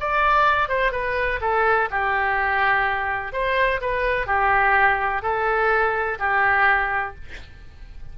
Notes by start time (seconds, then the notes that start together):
0.00 D5
0.68 C5
0.92 B4
1.41 A4
1.90 G4
3.32 C5
3.81 B4
4.27 G4
5.22 A4
6.19 G4